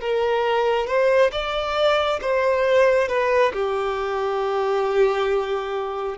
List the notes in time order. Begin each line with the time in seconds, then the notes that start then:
0.00 A#4
0.86 C5
1.31 D5
2.21 C5
3.08 B4
3.53 G4